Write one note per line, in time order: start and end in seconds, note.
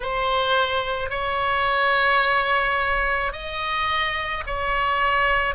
0.00 1.10 C5
1.10 3.32 C#5
3.32 4.43 D#5
4.46 5.55 C#5